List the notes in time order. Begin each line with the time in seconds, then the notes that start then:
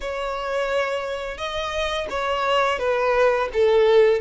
0.01 C#5
1.37 D#5
2.10 C#5
2.78 B4
3.53 A4